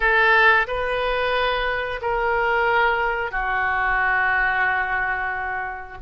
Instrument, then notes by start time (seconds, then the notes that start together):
oboe
0.00 A4
0.67 B4
2.02 A#4
3.31 F#4